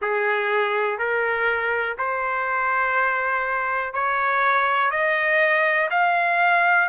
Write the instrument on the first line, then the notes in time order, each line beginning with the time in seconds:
trumpet
0.01 G#4
0.98 A#4
1.98 C5
3.93 C#5
4.90 D#5
5.90 F5